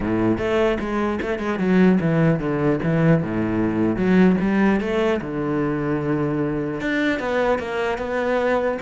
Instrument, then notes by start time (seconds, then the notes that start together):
cello
0.00 A2
0.37 A3
0.79 G#3
1.21 A3
1.39 G#3
1.59 F#3
2.00 E3
2.39 D3
2.83 E3
3.23 A2
3.96 F#3
4.41 G3
4.80 A3
5.21 D3
6.81 D4
7.19 B3
7.59 A#3
7.98 B3